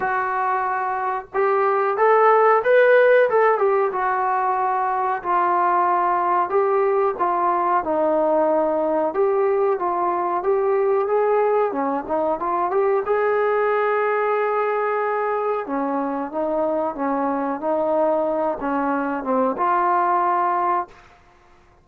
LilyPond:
\new Staff \with { instrumentName = "trombone" } { \time 4/4 \tempo 4 = 92 fis'2 g'4 a'4 | b'4 a'8 g'8 fis'2 | f'2 g'4 f'4 | dis'2 g'4 f'4 |
g'4 gis'4 cis'8 dis'8 f'8 g'8 | gis'1 | cis'4 dis'4 cis'4 dis'4~ | dis'8 cis'4 c'8 f'2 | }